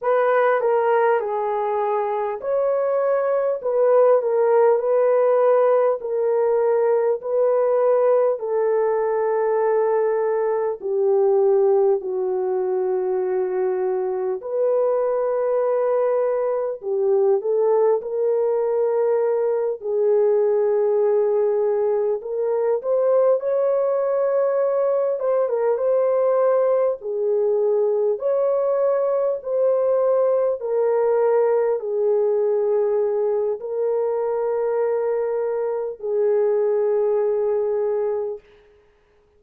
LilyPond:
\new Staff \with { instrumentName = "horn" } { \time 4/4 \tempo 4 = 50 b'8 ais'8 gis'4 cis''4 b'8 ais'8 | b'4 ais'4 b'4 a'4~ | a'4 g'4 fis'2 | b'2 g'8 a'8 ais'4~ |
ais'8 gis'2 ais'8 c''8 cis''8~ | cis''4 c''16 ais'16 c''4 gis'4 cis''8~ | cis''8 c''4 ais'4 gis'4. | ais'2 gis'2 | }